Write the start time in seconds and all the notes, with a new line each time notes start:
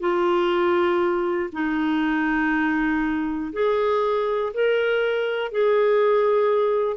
0.00 F4
1.52 D#4
3.53 G#4
4.53 A#4
5.51 G#4